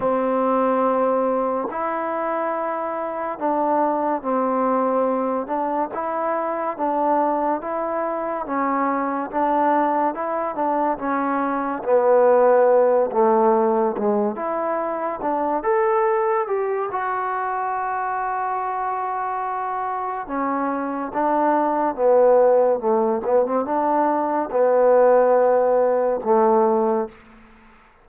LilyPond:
\new Staff \with { instrumentName = "trombone" } { \time 4/4 \tempo 4 = 71 c'2 e'2 | d'4 c'4. d'8 e'4 | d'4 e'4 cis'4 d'4 | e'8 d'8 cis'4 b4. a8~ |
a8 gis8 e'4 d'8 a'4 g'8 | fis'1 | cis'4 d'4 b4 a8 b16 c'16 | d'4 b2 a4 | }